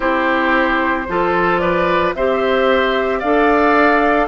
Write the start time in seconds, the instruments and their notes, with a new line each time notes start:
0.00 bassoon C4, clarinet E4, oboe G4, flute C5
1.08 bassoon F3, clarinet F4, oboe A4
1.58 oboe B4, flute D5
2.15 bassoon C4, clarinet G4, oboe C5, flute E5
3.19 bassoon D4, clarinet A4, oboe D5, flute F5